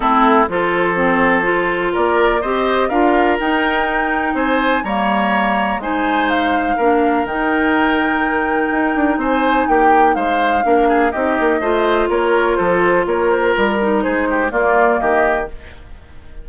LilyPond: <<
  \new Staff \with { instrumentName = "flute" } { \time 4/4 \tempo 4 = 124 a'4 c''2. | d''4 dis''4 f''4 g''4~ | g''4 gis''4 ais''2 | gis''4 f''2 g''4~ |
g''2. gis''4 | g''4 f''2 dis''4~ | dis''4 cis''4 c''4 cis''8 c''8 | ais'4 c''4 d''4 dis''4 | }
  \new Staff \with { instrumentName = "oboe" } { \time 4/4 e'4 a'2. | ais'4 c''4 ais'2~ | ais'4 c''4 cis''2 | c''2 ais'2~ |
ais'2. c''4 | g'4 c''4 ais'8 gis'8 g'4 | c''4 ais'4 a'4 ais'4~ | ais'4 gis'8 g'8 f'4 g'4 | }
  \new Staff \with { instrumentName = "clarinet" } { \time 4/4 c'4 f'4 c'4 f'4~ | f'4 g'4 f'4 dis'4~ | dis'2 ais2 | dis'2 d'4 dis'4~ |
dis'1~ | dis'2 d'4 dis'4 | f'1~ | f'8 dis'4. ais2 | }
  \new Staff \with { instrumentName = "bassoon" } { \time 4/4 a4 f2. | ais4 c'4 d'4 dis'4~ | dis'4 c'4 g2 | gis2 ais4 dis4~ |
dis2 dis'8 d'8 c'4 | ais4 gis4 ais4 c'8 ais8 | a4 ais4 f4 ais4 | g4 gis4 ais4 dis4 | }
>>